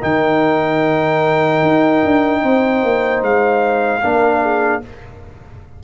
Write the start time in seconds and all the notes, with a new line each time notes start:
0.00 D#3 D#4 A#4 G5
1.62 D#4
2.04 D4
2.42 C4 C5
2.83 A#3
3.22 G#3 F5
4.02 A#3 D4 A#4
4.41 G#4